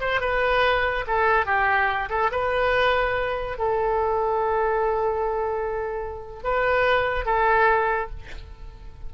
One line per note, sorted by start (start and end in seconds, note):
0.00 0.20 C5
0.20 1.05 B4
1.07 1.46 A4
1.46 2.09 G4
2.09 2.30 A4
2.31 3.58 B4
3.58 6.43 A4
6.43 7.25 B4
7.25 8.10 A4